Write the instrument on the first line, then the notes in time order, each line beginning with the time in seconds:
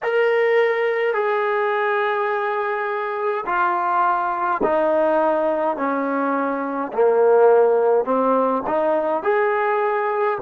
trombone
0.03 A#4
1.14 G#4
3.46 F4
4.63 D#4
5.76 C#4
6.92 A#3
8.05 C4
8.66 D#4
9.23 G#4